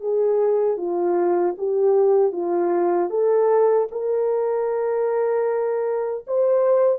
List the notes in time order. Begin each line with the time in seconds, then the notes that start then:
0.00 G#4
0.77 F4
1.58 G4
2.32 F4
3.10 A4
3.91 A#4
6.27 C5